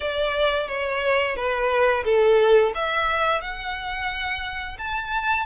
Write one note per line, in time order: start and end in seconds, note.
0.00 0.68 D5
0.68 1.35 C#5
1.35 2.04 B4
2.04 2.72 A4
2.75 3.41 E5
3.41 4.77 F#5
4.78 5.45 A5